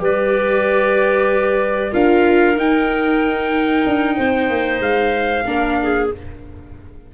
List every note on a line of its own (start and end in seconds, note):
0.00 1.93 G3
0.00 1.91 G4
0.00 1.93 B4
0.00 1.94 D5
1.93 2.57 D4
1.93 2.56 F4
1.93 4.16 A#4
1.93 2.58 F5
2.57 3.85 D#4
2.57 5.44 D#4
2.57 4.82 G5
3.87 4.18 D4
4.17 4.50 C4
4.17 5.45 C5
4.50 4.80 A#3
4.80 5.44 G#3
4.80 6.10 F5
5.46 6.09 A#3
5.46 6.10 D4
5.46 5.78 A#4
5.82 6.14 G#4